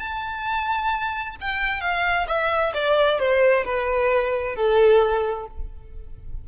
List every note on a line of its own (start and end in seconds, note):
0.00 1.36 A5
1.41 1.81 G5
1.81 2.27 F5
2.28 2.73 E5
2.74 3.19 D5
3.19 3.65 C5
3.65 4.56 B4
4.56 5.47 A4